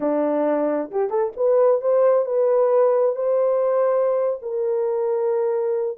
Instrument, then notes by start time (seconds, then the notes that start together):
horn
0.00 D4
0.91 G4
1.10 A4
1.36 B4
1.81 C5
2.25 B4
3.15 C5
4.41 A#4